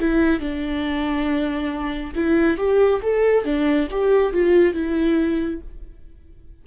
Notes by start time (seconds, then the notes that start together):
0.00 E4
0.40 D4
2.15 E4
2.57 G4
3.02 A4
3.44 D4
3.91 G4
4.32 F4
4.74 E4